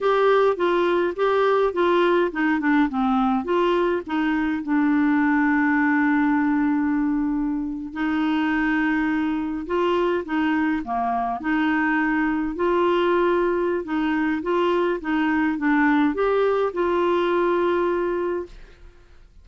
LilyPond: \new Staff \with { instrumentName = "clarinet" } { \time 4/4 \tempo 4 = 104 g'4 f'4 g'4 f'4 | dis'8 d'8 c'4 f'4 dis'4 | d'1~ | d'4.~ d'16 dis'2~ dis'16~ |
dis'8. f'4 dis'4 ais4 dis'16~ | dis'4.~ dis'16 f'2~ f'16 | dis'4 f'4 dis'4 d'4 | g'4 f'2. | }